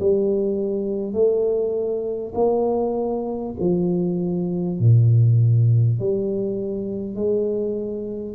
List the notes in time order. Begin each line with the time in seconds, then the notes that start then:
0.00 G3
1.13 A3
2.35 A#3
3.61 F3
4.80 A#2
6.00 G3
7.16 G#3